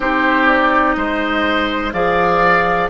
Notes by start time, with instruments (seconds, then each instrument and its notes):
0.00 bassoon C4, clarinet D#4, oboe G4, flute C5
0.46 flute D5
0.93 bassoon G#3, oboe C5, flute D#5
1.92 bassoon F3, clarinet G#4, oboe D5, flute F5